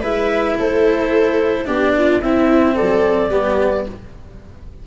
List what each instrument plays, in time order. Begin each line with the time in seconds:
0.00 tuba G#3, cello E4, viola B4, clarinet E5
0.58 tuba A3, viola A4, clarinet C5
1.65 tuba B3, cello D4, viola G4, clarinet D5
1.97 viola F4
2.21 tuba C4, cello C4, viola E4, clarinet E5
2.75 viola A4, clarinet D5
2.81 tuba F#3
3.30 tuba G3, cello B3, viola G4